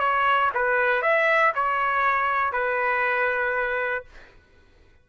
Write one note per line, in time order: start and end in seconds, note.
0.00 0.51 C#5
0.55 1.02 B4
1.02 1.53 E5
1.55 2.53 C#5
2.53 4.05 B4